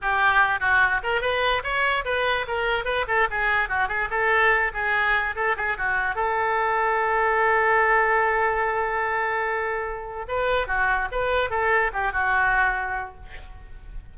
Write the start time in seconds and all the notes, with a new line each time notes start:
0.01 G4
0.60 F#4
1.03 A#4
1.21 B4
1.63 C#5
2.04 B4
2.47 A#4
2.85 B4
3.07 A4
3.30 G#4
3.68 F#4
3.88 G#4
4.10 A4
4.73 G#4
5.35 A4
5.56 G#4
5.77 F#4
6.15 A4
10.28 B4
10.67 F#4
11.11 B4
11.50 A4
11.93 G4
12.12 F#4